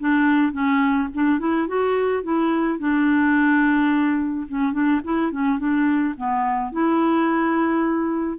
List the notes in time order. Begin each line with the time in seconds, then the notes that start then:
0.00 D4
0.52 C#4
1.14 D4
1.39 E4
1.68 F#4
2.23 E4
2.79 D4
4.48 C#4
4.73 D4
5.04 E4
5.31 C#4
5.59 D4
6.17 B3
6.72 E4